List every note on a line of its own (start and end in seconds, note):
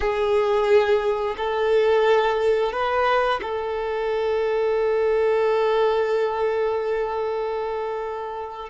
0.00 1.35 G#4
1.37 2.72 A4
2.72 3.40 B4
3.42 8.69 A4